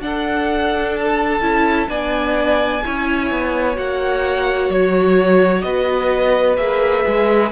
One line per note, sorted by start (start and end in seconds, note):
0.00 1.41 D4
0.00 1.42 D4
0.00 1.90 A4
0.00 0.96 F#5
0.96 1.89 A5
1.41 1.88 C#4
1.41 1.89 E4
1.89 2.83 B3
1.89 2.82 D4
1.89 2.84 D5
1.89 3.76 G#5
2.84 3.31 C#4
2.84 3.76 E4
2.84 5.65 C#5
3.31 3.78 B3
3.76 4.69 A#3
3.76 6.57 F#4
3.76 4.71 F#5
4.69 5.63 F#3
4.69 5.62 C#5
5.62 6.57 B3
5.62 7.52 B4
5.62 6.56 D#5
6.57 7.04 A#3
6.57 7.51 G#4
6.57 7.51 E5
7.07 7.52 G#3